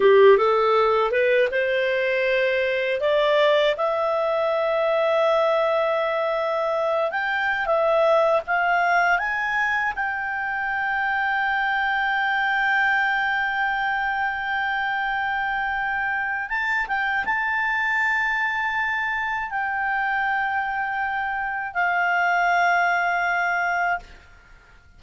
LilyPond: \new Staff \with { instrumentName = "clarinet" } { \time 4/4 \tempo 4 = 80 g'8 a'4 b'8 c''2 | d''4 e''2.~ | e''4. g''8. e''4 f''8.~ | f''16 gis''4 g''2~ g''8.~ |
g''1~ | g''2 a''8 g''8 a''4~ | a''2 g''2~ | g''4 f''2. | }